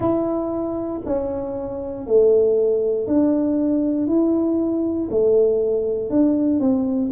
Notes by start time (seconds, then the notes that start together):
0.00 E4
1.05 C#4
2.06 A3
3.07 D4
4.07 E4
5.10 A3
6.10 D4
6.60 C4